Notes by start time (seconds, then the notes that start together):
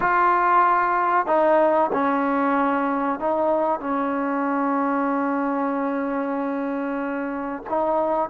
0.00 F4
1.26 D#4
1.92 C#4
3.19 D#4
3.79 C#4
7.69 D#4